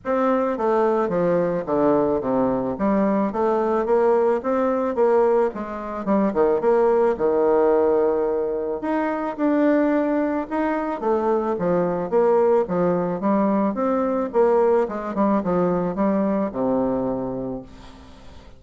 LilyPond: \new Staff \with { instrumentName = "bassoon" } { \time 4/4 \tempo 4 = 109 c'4 a4 f4 d4 | c4 g4 a4 ais4 | c'4 ais4 gis4 g8 dis8 | ais4 dis2. |
dis'4 d'2 dis'4 | a4 f4 ais4 f4 | g4 c'4 ais4 gis8 g8 | f4 g4 c2 | }